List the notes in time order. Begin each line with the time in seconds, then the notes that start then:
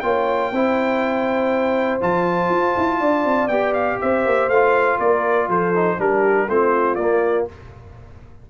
0.00 A#3 F4 C#5 G5
0.52 C4 E4 C5
2.01 F3 F4 A5
2.50 F4
2.77 E4
3.00 D4 D5
3.25 C4
3.48 B3 G4 G5
3.74 F5
4.01 C4 C5 E5
4.26 A#3
4.49 A3 F4 F5
4.99 A#3 A#4 D5
5.48 F3 A4 C5
5.75 D#4
5.98 G3 D4 G4 A#4
6.48 A3 C4 F4 C5
6.95 A#3 D5